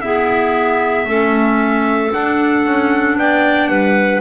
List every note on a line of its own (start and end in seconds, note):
0.00 1.07 B3
0.00 1.05 E4
0.00 1.07 G#4
0.00 2.11 E5
1.05 2.10 A3
1.05 2.11 C#4
1.05 3.18 A4
2.11 4.21 D4
2.11 2.65 D4
2.11 3.18 F#5
2.65 3.16 C#4
3.16 3.69 B3
3.16 3.69 D5
3.16 3.67 G5
3.67 4.21 G3
3.67 4.21 B4
3.67 4.20 F#5